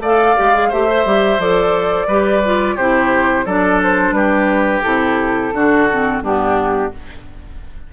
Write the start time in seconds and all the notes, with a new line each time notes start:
0.00 A3 D5 F5
0.06 A4
0.37 G#3 G4
0.54 G#4
0.69 A3 G4 C5 E5
0.88 C5
1.06 G3 G4
1.39 F3 A4 D5
2.08 G3 G4 B4
2.45 F4
2.76 C3 E4 G4 C5
3.46 F#3 D4 A4 D5
3.84 C5
4.12 G3 G4 B4
4.82 C3 E4 A4
5.53 D3 D4 F#4
5.91 C4
6.22 G2 B3 D4 G4